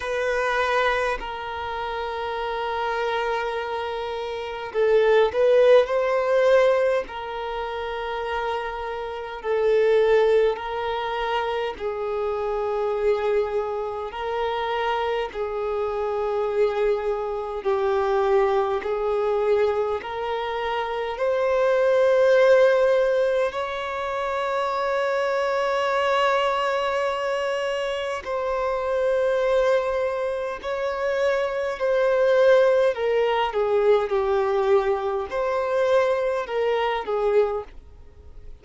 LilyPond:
\new Staff \with { instrumentName = "violin" } { \time 4/4 \tempo 4 = 51 b'4 ais'2. | a'8 b'8 c''4 ais'2 | a'4 ais'4 gis'2 | ais'4 gis'2 g'4 |
gis'4 ais'4 c''2 | cis''1 | c''2 cis''4 c''4 | ais'8 gis'8 g'4 c''4 ais'8 gis'8 | }